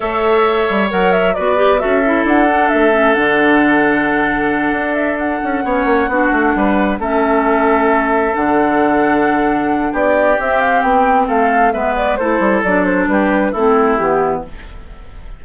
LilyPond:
<<
  \new Staff \with { instrumentName = "flute" } { \time 4/4 \tempo 4 = 133 e''2 fis''8 e''8 d''4 | e''4 fis''4 e''4 fis''4~ | fis''2. e''8 fis''8~ | fis''2.~ fis''8 e''8~ |
e''2~ e''8 fis''4.~ | fis''2 d''4 e''8 f''8 | g''4 f''4 e''8 d''8 c''4 | d''8 c''8 b'4 a'4 g'4 | }
  \new Staff \with { instrumentName = "oboe" } { \time 4/4 cis''2. b'4 | a'1~ | a'1~ | a'8 cis''4 fis'4 b'4 a'8~ |
a'1~ | a'2 g'2~ | g'4 a'4 b'4 a'4~ | a'4 g'4 e'2 | }
  \new Staff \with { instrumentName = "clarinet" } { \time 4/4 a'2 ais'4 fis'8 g'8 | fis'8 e'4 d'4 cis'8 d'4~ | d'1~ | d'8 cis'4 d'2 cis'8~ |
cis'2~ cis'8 d'4.~ | d'2. c'4~ | c'2 b4 e'4 | d'2 c'4 b4 | }
  \new Staff \with { instrumentName = "bassoon" } { \time 4/4 a4. g8 fis4 b4 | cis'4 d'4 a4 d4~ | d2~ d8 d'4. | cis'8 b8 ais8 b8 a8 g4 a8~ |
a2~ a8 d4.~ | d2 b4 c'4 | b4 a4 gis4 a8 g8 | fis4 g4 a4 e4 | }
>>